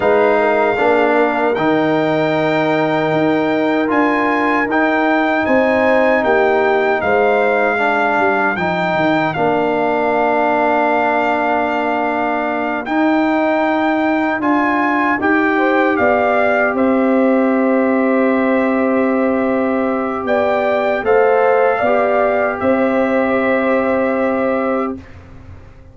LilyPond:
<<
  \new Staff \with { instrumentName = "trumpet" } { \time 4/4 \tempo 4 = 77 f''2 g''2~ | g''4 gis''4 g''4 gis''4 | g''4 f''2 g''4 | f''1~ |
f''8 g''2 gis''4 g''8~ | g''8 f''4 e''2~ e''8~ | e''2 g''4 f''4~ | f''4 e''2. | }
  \new Staff \with { instrumentName = "horn" } { \time 4/4 b'8 ais'8 gis'8 ais'2~ ais'8~ | ais'2. c''4 | g'4 c''4 ais'2~ | ais'1~ |
ais'1 | c''8 d''4 c''2~ c''8~ | c''2 d''4 c''4 | d''4 c''2. | }
  \new Staff \with { instrumentName = "trombone" } { \time 4/4 dis'4 d'4 dis'2~ | dis'4 f'4 dis'2~ | dis'2 d'4 dis'4 | d'1~ |
d'8 dis'2 f'4 g'8~ | g'1~ | g'2. a'4 | g'1 | }
  \new Staff \with { instrumentName = "tuba" } { \time 4/4 gis4 ais4 dis2 | dis'4 d'4 dis'4 c'4 | ais4 gis4. g8 f8 dis8 | ais1~ |
ais8 dis'2 d'4 dis'8~ | dis'8 b4 c'2~ c'8~ | c'2 b4 a4 | b4 c'2. | }
>>